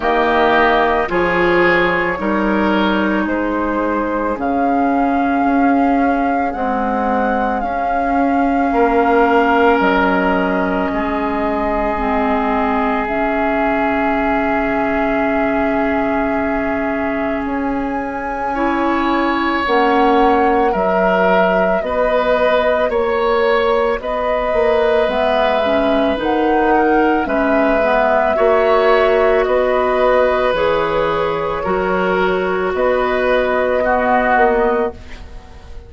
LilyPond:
<<
  \new Staff \with { instrumentName = "flute" } { \time 4/4 \tempo 4 = 55 dis''4 cis''2 c''4 | f''2 fis''4 f''4~ | f''4 dis''2. | e''1 |
gis''2 fis''4 e''4 | dis''4 cis''4 dis''4 e''4 | fis''4 e''2 dis''4 | cis''2 dis''2 | }
  \new Staff \with { instrumentName = "oboe" } { \time 4/4 g'4 gis'4 ais'4 gis'4~ | gis'1 | ais'2 gis'2~ | gis'1~ |
gis'4 cis''2 ais'4 | b'4 cis''4 b'2~ | b'8 ais'8 b'4 cis''4 b'4~ | b'4 ais'4 b'4 fis'4 | }
  \new Staff \with { instrumentName = "clarinet" } { \time 4/4 ais4 f'4 dis'2 | cis'2 gis4 cis'4~ | cis'2. c'4 | cis'1~ |
cis'4 e'4 cis'4 fis'4~ | fis'2. b8 cis'8 | dis'4 cis'8 b8 fis'2 | gis'4 fis'2 b4 | }
  \new Staff \with { instrumentName = "bassoon" } { \time 4/4 dis4 f4 g4 gis4 | cis4 cis'4 c'4 cis'4 | ais4 fis4 gis2 | cis1 |
cis'2 ais4 fis4 | b4 ais4 b8 ais8 gis4 | dis4 gis4 ais4 b4 | e4 fis4 b4. ais8 | }
>>